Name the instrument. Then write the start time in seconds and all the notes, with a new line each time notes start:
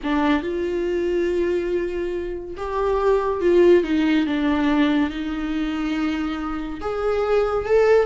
viola
0.03 D4
0.43 F4
2.56 G4
3.40 F4
3.83 D#4
4.26 D4
5.10 D#4
6.80 G#4
7.65 A4